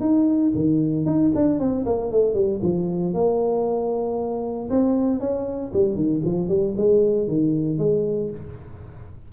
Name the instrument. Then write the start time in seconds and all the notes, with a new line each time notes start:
tuba
0.00 D#4
0.55 D#3
1.06 D#4
1.35 D4
1.59 C4
1.86 A#3
2.11 A3
2.34 G3
2.62 F3
3.14 A#3
4.70 C4
5.20 C#4
5.73 G3
5.95 D#3
6.25 F3
6.48 G3
6.77 G#3
7.28 D#3
7.78 G#3